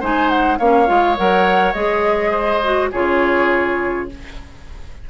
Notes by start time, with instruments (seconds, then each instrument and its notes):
0.00 bassoon G#3, clarinet D#4, oboe C5, flute G#5
0.29 flute F#5
0.59 bassoon A#3, clarinet C#4, oboe C#5, flute F5
0.87 bassoon G#3, clarinet F4
1.17 bassoon F#3, clarinet A#4, flute F#5
1.73 bassoon G#3, clarinet G#4, flute D#5
2.31 oboe C5
2.63 clarinet F#4
2.92 bassoon C#3, clarinet F4, oboe G#4, flute C#5